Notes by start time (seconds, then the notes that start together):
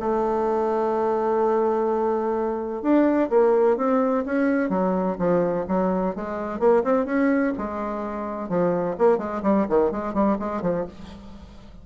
0.00 A3
2.83 D4
3.30 A#3
3.77 C4
4.26 C#4
4.70 F#3
5.19 F3
5.68 F#3
6.16 G#3
6.59 A#3
6.84 C4
7.06 C#4
7.58 G#3
8.49 F3
8.99 A#3
9.18 G#3
9.43 G3
9.69 D#3
9.91 G#3
10.14 G3
10.39 G#3
10.62 F3